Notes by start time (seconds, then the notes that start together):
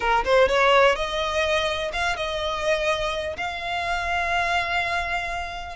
0.00 A#4
0.24 C5
0.48 C#5
0.95 D#5
1.92 F5
2.16 D#5
3.36 F5